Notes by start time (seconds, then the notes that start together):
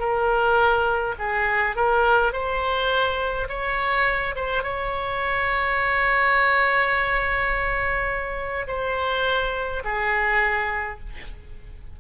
0.00 A#4
1.19 G#4
1.76 A#4
2.33 C5
3.49 C#5
4.36 C5
4.64 C#5
8.68 C5
9.84 G#4